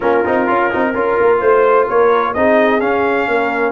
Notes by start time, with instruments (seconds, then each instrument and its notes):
0.00 tuba A#3, trombone C#4, horn F4, trumpet A#4
0.25 tuba C4, trombone D#4
0.47 tuba C#4, trombone F4
0.70 tuba C4, trombone D#4
0.94 tuba C#4, trombone F4, horn A#4
1.19 tuba A#3
1.40 tuba A3, trumpet C5, horn C5
1.86 tuba A#3, horn A#4, trumpet C#5
2.33 tuba C4, trombone D#4, horn G#4, trumpet D#5
2.80 trombone C#4, tuba C#4, trumpet F5
3.27 tuba A#3, horn A#4